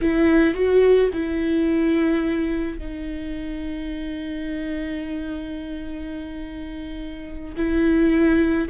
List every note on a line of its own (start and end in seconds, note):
0.01 0.54 E4
0.54 1.10 F#4
1.13 2.78 E4
2.78 7.55 D#4
7.56 8.69 E4